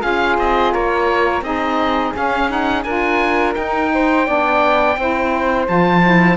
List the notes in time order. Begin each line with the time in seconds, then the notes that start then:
0.00 C#4 F4 G#4 F5
0.38 C4 D#5
0.73 A#3 A#4 C#5
1.41 C4 D#4 G#4 D#5
2.14 C#4 F5
2.48 D#4 F#5
2.83 D4 F4 A#4 G#5
3.53 D#4 G5
3.94 C5
4.25 B3 D4 D5
4.96 C4 E4 C5
5.67 F3 F4 A5
6.02 E4